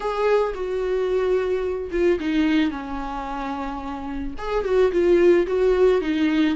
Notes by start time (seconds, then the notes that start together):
0.00 G#4
0.54 F#4
1.91 F4
2.20 D#4
2.70 C#4
4.38 G#4
4.64 F#4
4.91 F4
5.46 F#4
6.01 D#4